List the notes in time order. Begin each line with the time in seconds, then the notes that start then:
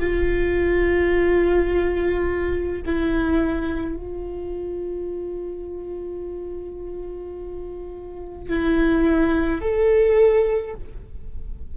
0.00 F4
2.86 E4
3.97 F4
8.49 E4
9.62 A4